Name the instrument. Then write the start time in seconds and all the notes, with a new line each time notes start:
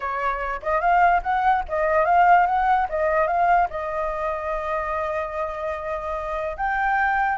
flute
0.00 C#5
0.62 D#5
0.80 F5
1.22 F#5
1.68 D#5
2.05 F5
2.46 F#5
2.89 D#5
3.27 F5
3.70 D#5
6.56 G5